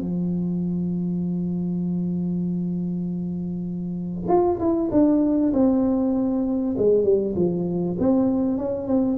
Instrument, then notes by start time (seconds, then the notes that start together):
tuba
0.00 F3
4.28 F4
4.59 E4
4.91 D4
5.54 C4
6.78 G#3
7.04 G3
7.36 F3
7.99 C4
8.58 C#4
8.88 C4